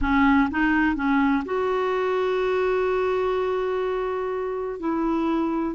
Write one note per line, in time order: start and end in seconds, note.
0.01 0.49 C#4
0.51 0.95 D#4
0.95 1.43 C#4
1.45 4.79 F#4
4.79 5.75 E4